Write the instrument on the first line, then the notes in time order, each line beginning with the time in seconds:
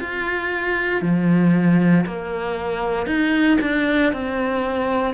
cello
0.00 F4
1.02 F3
2.06 A#3
3.07 D#4
3.61 D4
4.13 C4